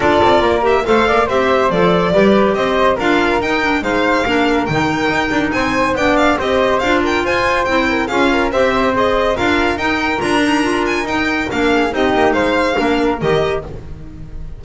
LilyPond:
<<
  \new Staff \with { instrumentName = "violin" } { \time 4/4 \tempo 4 = 141 d''4. e''8 f''4 e''4 | d''2 dis''4 f''4 | g''4 f''2 g''4~ | g''4 gis''4 g''8 f''8 dis''4 |
f''8 g''8 gis''4 g''4 f''4 | e''4 dis''4 f''4 g''4 | ais''4. gis''8 g''4 f''4 | dis''4 f''2 dis''4 | }
  \new Staff \with { instrumentName = "flute" } { \time 4/4 a'4 ais'4 c''8 d''8 c''4~ | c''4 b'4 c''4 ais'4~ | ais'4 c''4 ais'2~ | ais'4 c''4 d''4 c''4~ |
c''8 ais'8 c''4. ais'8 gis'8 ais'8 | c''2 ais'2~ | ais'2.~ ais'8 gis'8 | g'4 c''4 ais'2 | }
  \new Staff \with { instrumentName = "clarinet" } { \time 4/4 f'4. g'8 a'4 g'4 | a'4 g'2 f'4 | dis'8 d'8 dis'4 d'4 dis'4~ | dis'2 d'4 g'4 |
f'2 e'4 f'4 | g'4 gis'4 f'4 dis'4 | f'8 dis'8 f'4 dis'4 d'4 | dis'2 d'4 g'4 | }
  \new Staff \with { instrumentName = "double bass" } { \time 4/4 d'8 c'8 ais4 a8 ais8 c'4 | f4 g4 c'4 d'4 | dis'4 gis4 ais4 dis4 | dis'8 d'8 c'4 b4 c'4 |
d'4 f'4 c'4 cis'4 | c'2 d'4 dis'4 | d'2 dis'4 ais4 | c'8 ais8 gis4 ais4 dis4 | }
>>